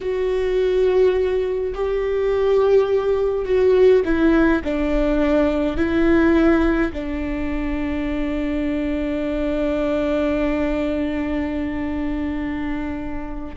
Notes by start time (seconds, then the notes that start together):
0.00 F#4
1.74 G4
3.45 F#4
4.04 E4
4.64 D4
5.76 E4
6.92 D4